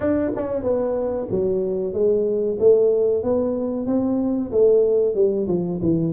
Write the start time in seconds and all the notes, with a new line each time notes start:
0.00 D4
0.35 C#4
0.62 B3
1.30 F#3
1.93 G#3
2.59 A3
3.23 B3
3.86 C4
4.51 A3
5.14 G3
5.47 F3
5.82 E3